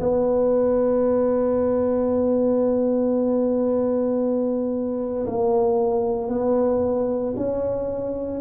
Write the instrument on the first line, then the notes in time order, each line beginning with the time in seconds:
tuba
0.00 B3
5.27 A#3
6.29 B3
7.37 C#4